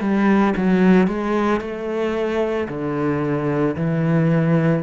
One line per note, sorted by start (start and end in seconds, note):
0.00 0.54 G3
0.56 1.07 F#3
1.07 1.61 G#3
1.61 2.68 A3
2.68 3.75 D3
3.76 4.83 E3